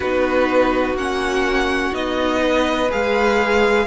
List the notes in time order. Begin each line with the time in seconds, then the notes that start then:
0.00 B3 D#4 F#4 B4
0.94 A#3 C#4 F#5
1.92 B3 D#4 D#5
2.41 B4
2.90 G#3 G#4 F5